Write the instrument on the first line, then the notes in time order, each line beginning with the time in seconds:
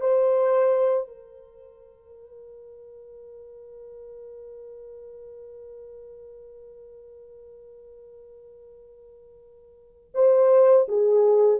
horn
0.00 C5
1.07 A#4
10.14 C5
10.88 G#4